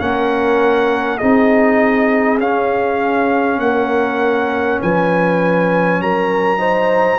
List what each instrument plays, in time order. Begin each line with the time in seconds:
0.00 tuba A#3, trombone C#4, horn A#4, trumpet F#5
1.18 tuba C4, trombone D#4, horn G#4, trumpet D#5
2.39 tuba C#4, trombone C#4, trumpet F5
3.59 tuba A#3, horn A#4, trumpet F#5
4.82 tuba F3, horn B4, trumpet G#5
6.00 tuba F#3, horn A#4, trumpet A#5
6.58 trombone D#4, horn C5